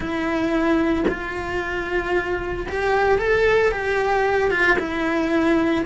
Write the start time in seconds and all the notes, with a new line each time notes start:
0.00 E4
1.08 F4
2.68 G4
3.18 A4
3.71 G4
4.50 F4
4.78 E4